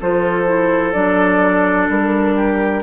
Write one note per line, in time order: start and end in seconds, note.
0.00 0.94 F3
0.00 0.45 F4
0.00 2.36 A4
0.00 0.92 C5
0.45 0.93 E4
0.92 1.88 F#3
0.92 2.83 D4
0.92 1.87 D5
1.88 2.83 G3
1.88 2.83 A#4
2.36 2.83 G4